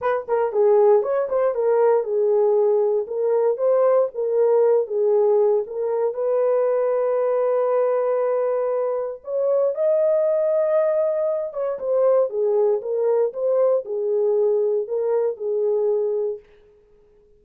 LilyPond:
\new Staff \with { instrumentName = "horn" } { \time 4/4 \tempo 4 = 117 b'8 ais'8 gis'4 cis''8 c''8 ais'4 | gis'2 ais'4 c''4 | ais'4. gis'4. ais'4 | b'1~ |
b'2 cis''4 dis''4~ | dis''2~ dis''8 cis''8 c''4 | gis'4 ais'4 c''4 gis'4~ | gis'4 ais'4 gis'2 | }